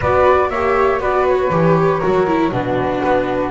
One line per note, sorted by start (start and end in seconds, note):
0.00 0.49 B3
0.00 0.53 F#4
0.00 0.48 B4
0.00 0.49 D5
0.49 0.99 A#3
0.49 1.00 G4
0.49 1.00 C#5
0.49 0.99 E5
0.99 1.49 B3
0.99 1.50 F#4
0.99 2.00 B4
0.99 1.26 D5
1.27 2.53 C#5
1.49 2.00 E3
1.49 2.01 G4
2.00 2.51 F#3
2.00 2.26 F#4
2.00 2.50 A#4
2.26 2.52 E4
2.51 3.02 B2
2.51 3.51 D4
2.51 3.51 F#4
2.51 3.51 B4
3.05 3.51 B3